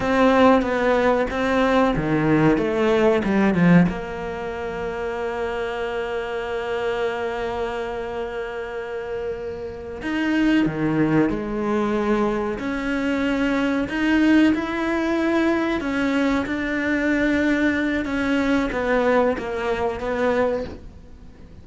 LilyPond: \new Staff \with { instrumentName = "cello" } { \time 4/4 \tempo 4 = 93 c'4 b4 c'4 dis4 | a4 g8 f8 ais2~ | ais1~ | ais2.~ ais8 dis'8~ |
dis'8 dis4 gis2 cis'8~ | cis'4. dis'4 e'4.~ | e'8 cis'4 d'2~ d'8 | cis'4 b4 ais4 b4 | }